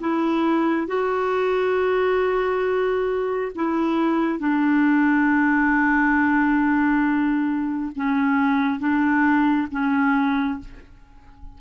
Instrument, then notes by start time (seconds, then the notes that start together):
clarinet
0.00 E4
0.87 F#4
3.55 E4
4.39 D4
7.96 C#4
8.80 D4
9.71 C#4